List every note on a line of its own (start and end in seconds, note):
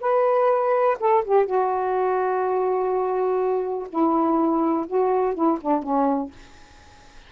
0.00 0.97 B4
0.99 1.24 A4
1.24 1.46 G4
1.46 3.88 F#4
3.89 4.86 E4
4.87 5.34 F#4
5.34 5.58 E4
5.61 5.82 D4
5.82 6.31 C#4